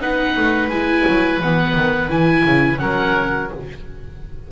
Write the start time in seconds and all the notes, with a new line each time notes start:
0.00 B3 D#4 B4 F#5
0.36 A3
0.68 G#3 E4 G#5
1.07 F#3
1.39 E3 B3 F#5
1.75 D#3
2.09 E3 E4 G#5
2.45 C#3
2.78 F#3 C#4 A#4 F#5